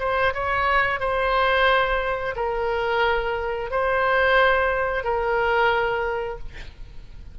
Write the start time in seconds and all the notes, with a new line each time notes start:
0.00 C5
0.34 C#5
1.00 C5
2.36 A#4
3.71 C5
5.04 A#4